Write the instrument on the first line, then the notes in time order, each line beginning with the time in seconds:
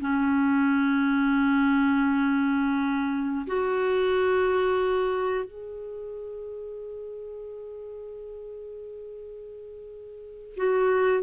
clarinet
0.00 C#4
3.47 F#4
5.44 G#4
10.56 F#4